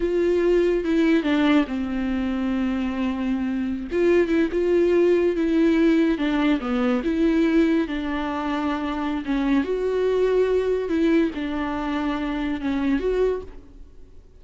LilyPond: \new Staff \with { instrumentName = "viola" } { \time 4/4 \tempo 4 = 143 f'2 e'4 d'4 | c'1~ | c'4~ c'16 f'4 e'8 f'4~ f'16~ | f'8. e'2 d'4 b16~ |
b8. e'2 d'4~ d'16~ | d'2 cis'4 fis'4~ | fis'2 e'4 d'4~ | d'2 cis'4 fis'4 | }